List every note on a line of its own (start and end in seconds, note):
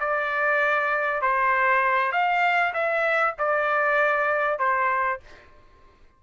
0.00 1.22 D5
1.22 2.12 C5
2.12 2.73 F5
2.74 3.35 E5
3.39 4.59 D5
4.59 5.20 C5